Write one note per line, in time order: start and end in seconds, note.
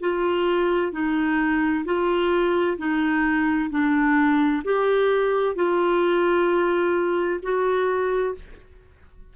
0.00 0.92 F4
0.92 1.84 D#4
1.85 2.77 F4
2.77 3.70 D#4
3.70 4.62 D4
4.64 5.55 G4
5.55 7.40 F4
7.42 8.35 F#4